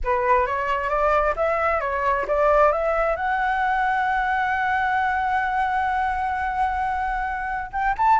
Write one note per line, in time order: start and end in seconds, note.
0.03 0.46 B4
0.46 0.89 C#5
0.89 1.34 D5
1.36 1.80 E5
1.80 2.25 C#5
2.27 2.71 D5
2.71 3.16 E5
3.16 7.70 F#5
7.72 7.95 G5
7.97 8.19 A5